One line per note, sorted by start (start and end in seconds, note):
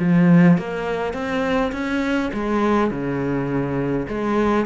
0.00 0.58 F3
0.58 1.14 A#3
1.14 1.72 C4
1.73 2.31 C#4
2.34 2.91 G#3
2.91 4.08 C#3
4.09 4.66 G#3